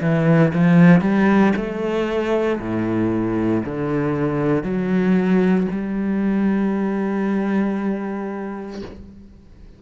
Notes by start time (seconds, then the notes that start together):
0.00 E3
0.53 F3
1.01 G3
1.56 A3
2.59 A2
3.65 D3
4.63 F#3
5.71 G3